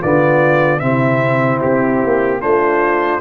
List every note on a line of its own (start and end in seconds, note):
0.00 0.82 D3
0.00 0.81 B3
0.00 0.80 F4
0.00 0.80 D5
0.80 1.62 C3
0.80 2.41 C4
0.80 2.41 E4
0.80 1.60 E5
1.61 2.04 C4
1.61 2.41 G4
2.04 2.43 A#3
2.41 3.21 A3
2.41 3.21 D4
2.41 3.21 F4
2.41 3.21 C5